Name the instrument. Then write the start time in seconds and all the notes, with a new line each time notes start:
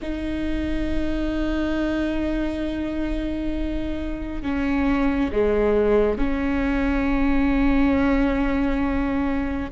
viola
0.02 D#4
4.42 C#4
5.32 G#3
6.18 C#4